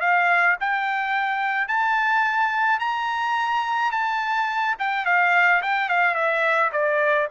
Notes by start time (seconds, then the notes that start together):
0.00 F5
0.60 G5
1.67 A5
2.79 A#5
3.91 A5
4.79 G5
5.05 F5
5.62 G5
5.89 F5
6.14 E5
6.72 D5